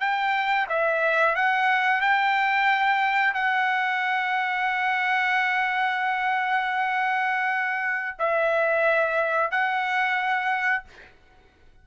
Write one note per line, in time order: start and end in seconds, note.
0.00 0.67 G5
0.69 1.35 E5
1.35 2.01 F#5
2.01 3.33 G5
3.33 8.17 F#5
8.19 9.51 E5
9.51 10.84 F#5